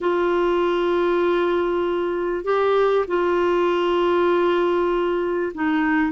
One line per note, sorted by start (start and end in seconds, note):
0.00 2.44 F4
2.44 3.05 G4
3.07 5.52 F4
5.54 6.12 D#4